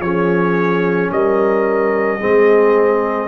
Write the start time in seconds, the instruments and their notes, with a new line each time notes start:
0.00 tuba F3, trombone C#4, horn G#4, trumpet C#5
1.12 tuba G3, horn A#4, trumpet D#5
2.18 tuba G#3, trombone C4, horn G#4